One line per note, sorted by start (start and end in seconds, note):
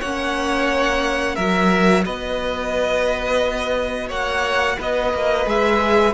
0.00 1.37 A#3
0.00 1.39 C#4
0.00 1.35 C#5
0.00 1.36 F#5
1.35 2.05 F#3
1.35 5.46 F#4
1.35 2.03 A#4
1.35 2.04 E5
2.05 4.10 B3
2.05 4.08 B4
2.05 4.10 D#5
4.08 4.78 A#3
4.08 4.76 C#5
4.08 4.79 F#5
4.78 5.14 B3
4.78 6.14 B4
4.78 5.49 D#5
5.14 5.46 A#3
5.46 6.14 G#3
5.46 6.14 G#4
5.46 6.14 E5